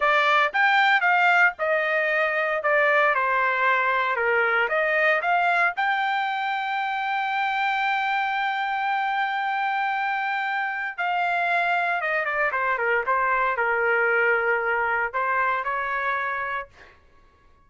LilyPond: \new Staff \with { instrumentName = "trumpet" } { \time 4/4 \tempo 4 = 115 d''4 g''4 f''4 dis''4~ | dis''4 d''4 c''2 | ais'4 dis''4 f''4 g''4~ | g''1~ |
g''1~ | g''4 f''2 dis''8 d''8 | c''8 ais'8 c''4 ais'2~ | ais'4 c''4 cis''2 | }